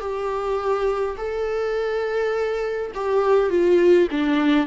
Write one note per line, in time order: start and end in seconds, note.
0.00 1.17 G4
1.18 2.92 A4
2.95 3.50 G4
3.50 4.08 F4
4.11 4.67 D4